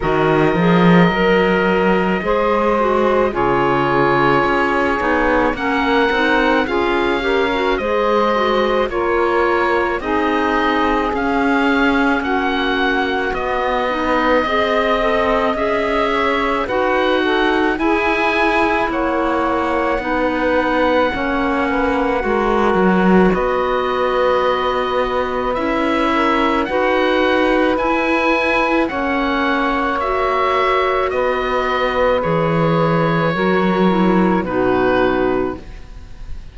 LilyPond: <<
  \new Staff \with { instrumentName = "oboe" } { \time 4/4 \tempo 4 = 54 dis''2. cis''4~ | cis''4 fis''4 f''4 dis''4 | cis''4 dis''4 f''4 fis''4 | dis''2 e''4 fis''4 |
gis''4 fis''2.~ | fis''4 dis''2 e''4 | fis''4 gis''4 fis''4 e''4 | dis''4 cis''2 b'4 | }
  \new Staff \with { instrumentName = "saxophone" } { \time 4/4 ais'2 c''4 gis'4~ | gis'4 ais'4 gis'8 ais'8 c''4 | ais'4 gis'2 fis'4~ | fis'8 b'8 dis''4. cis''8 b'8 a'8 |
gis'4 cis''4 b'4 cis''8 b'8 | ais'4 b'2~ b'8 ais'8 | b'2 cis''2 | b'2 ais'4 fis'4 | }
  \new Staff \with { instrumentName = "clarinet" } { \time 4/4 fis'8 gis'8 ais'4 gis'8 fis'8 f'4~ | f'8 dis'8 cis'8 dis'8 f'8 g'16 fis'16 gis'8 fis'8 | f'4 dis'4 cis'2 | b8 dis'8 gis'8 a'8 gis'4 fis'4 |
e'2 dis'4 cis'4 | fis'2. e'4 | fis'4 e'4 cis'4 fis'4~ | fis'4 gis'4 fis'8 e'8 dis'4 | }
  \new Staff \with { instrumentName = "cello" } { \time 4/4 dis8 f8 fis4 gis4 cis4 | cis'8 b8 ais8 c'8 cis'4 gis4 | ais4 c'4 cis'4 ais4 | b4 c'4 cis'4 dis'4 |
e'4 ais4 b4 ais4 | gis8 fis8 b2 cis'4 | dis'4 e'4 ais2 | b4 e4 fis4 b,4 | }
>>